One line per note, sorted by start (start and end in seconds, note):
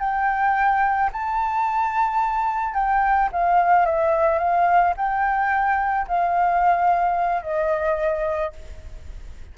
0.00 1.10 G5
1.13 2.74 A5
2.74 3.30 G5
3.33 3.86 F5
3.86 4.39 E5
4.39 4.94 F5
4.97 6.07 G5
6.08 7.43 F5
7.43 8.53 D#5